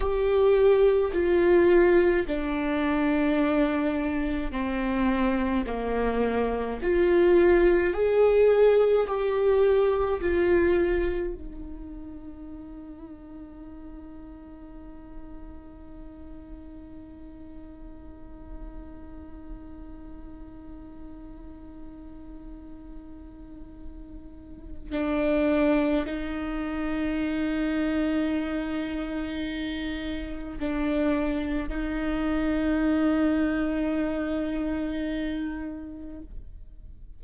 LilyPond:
\new Staff \with { instrumentName = "viola" } { \time 4/4 \tempo 4 = 53 g'4 f'4 d'2 | c'4 ais4 f'4 gis'4 | g'4 f'4 dis'2~ | dis'1~ |
dis'1~ | dis'2 d'4 dis'4~ | dis'2. d'4 | dis'1 | }